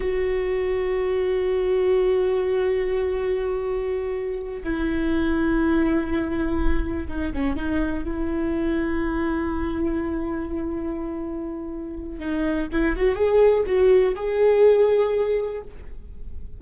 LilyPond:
\new Staff \with { instrumentName = "viola" } { \time 4/4 \tempo 4 = 123 fis'1~ | fis'1~ | fis'4. e'2~ e'8~ | e'2~ e'8 dis'8 cis'8 dis'8~ |
dis'8 e'2.~ e'8~ | e'1~ | e'4 dis'4 e'8 fis'8 gis'4 | fis'4 gis'2. | }